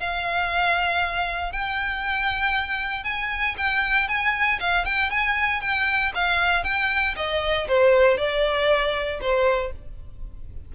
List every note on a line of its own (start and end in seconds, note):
0.00 1.52 F5
1.52 3.04 G5
3.04 3.55 G#5
3.58 4.08 G5
4.08 4.60 G#5
4.60 4.85 F5
4.85 5.10 G5
5.10 5.61 G#5
5.61 6.12 G5
6.15 6.64 F5
6.64 7.15 G5
7.17 7.68 D#5
7.68 8.17 C5
8.17 9.20 D5
9.21 9.73 C5